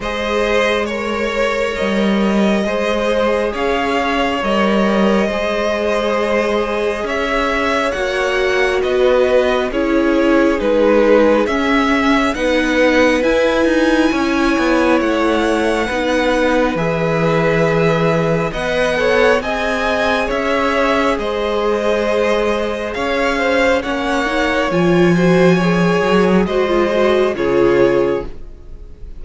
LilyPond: <<
  \new Staff \with { instrumentName = "violin" } { \time 4/4 \tempo 4 = 68 dis''4 cis''4 dis''2 | f''4 dis''2. | e''4 fis''4 dis''4 cis''4 | b'4 e''4 fis''4 gis''4~ |
gis''4 fis''2 e''4~ | e''4 fis''4 gis''4 e''4 | dis''2 f''4 fis''4 | gis''2 dis''4 cis''4 | }
  \new Staff \with { instrumentName = "violin" } { \time 4/4 c''4 cis''2 c''4 | cis''2 c''2 | cis''2 b'4 gis'4~ | gis'2 b'2 |
cis''2 b'2~ | b'4 dis''8 cis''8 dis''4 cis''4 | c''2 cis''8 c''8 cis''4~ | cis''8 c''8 cis''4 c''4 gis'4 | }
  \new Staff \with { instrumentName = "viola" } { \time 4/4 gis'4 ais'2 gis'4~ | gis'4 ais'4 gis'2~ | gis'4 fis'2 e'4 | dis'4 cis'4 dis'4 e'4~ |
e'2 dis'4 gis'4~ | gis'4 b'8 a'8 gis'2~ | gis'2. cis'8 dis'8 | f'8 fis'8 gis'4 fis'16 f'16 fis'8 f'4 | }
  \new Staff \with { instrumentName = "cello" } { \time 4/4 gis2 g4 gis4 | cis'4 g4 gis2 | cis'4 ais4 b4 cis'4 | gis4 cis'4 b4 e'8 dis'8 |
cis'8 b8 a4 b4 e4~ | e4 b4 c'4 cis'4 | gis2 cis'4 ais4 | f4. fis8 gis4 cis4 | }
>>